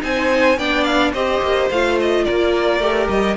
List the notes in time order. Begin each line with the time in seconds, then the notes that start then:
0.00 C4 D#4 C5 G#5
0.58 B3 D4 D5 G5
0.84 F5
1.13 C4 G4 C5 D#5
1.42 A#3
1.70 A3 F4 F5
2.00 D#5
2.25 A#3 A#4 D5
2.80 A3 G4
3.09 G3 D#5